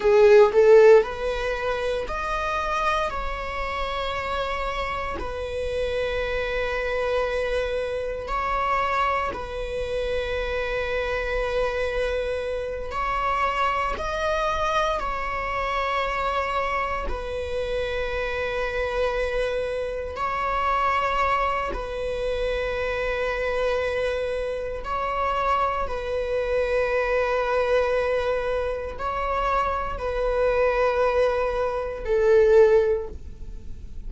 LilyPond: \new Staff \with { instrumentName = "viola" } { \time 4/4 \tempo 4 = 58 gis'8 a'8 b'4 dis''4 cis''4~ | cis''4 b'2. | cis''4 b'2.~ | b'8 cis''4 dis''4 cis''4.~ |
cis''8 b'2. cis''8~ | cis''4 b'2. | cis''4 b'2. | cis''4 b'2 a'4 | }